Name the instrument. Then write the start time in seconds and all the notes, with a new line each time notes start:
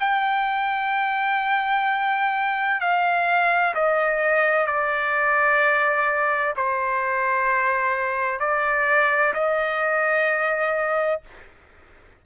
trumpet
0.00 G5
2.80 F5
3.75 D#5
4.67 D5
6.56 C5
8.40 D5
9.34 D#5